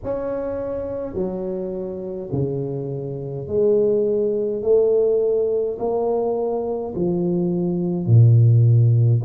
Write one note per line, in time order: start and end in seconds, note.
0.03 1.14 C#4
1.14 2.29 F#3
2.32 3.47 C#3
3.47 4.62 G#3
4.62 5.77 A3
5.78 6.94 A#3
6.95 8.06 F3
8.06 9.22 A#2